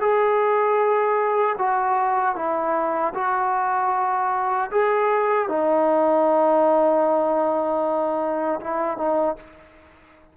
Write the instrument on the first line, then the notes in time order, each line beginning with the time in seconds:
trombone
0.00 G#4
1.58 F#4
2.35 E4
3.14 F#4
4.71 G#4
5.48 D#4
8.61 E4
8.97 D#4